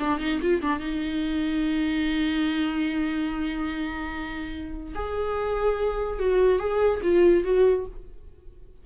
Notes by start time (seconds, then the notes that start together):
0.00 D4
0.20 D#4
0.42 F4
0.62 D4
0.80 D#4
4.95 G#4
6.20 F#4
6.60 G#4
7.03 F4
7.45 F#4